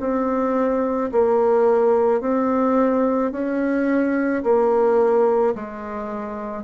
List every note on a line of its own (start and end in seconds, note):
0.00 1.11 C4
1.12 2.21 A#3
2.21 3.32 C4
3.32 4.43 C#4
4.43 5.55 A#3
5.56 6.64 G#3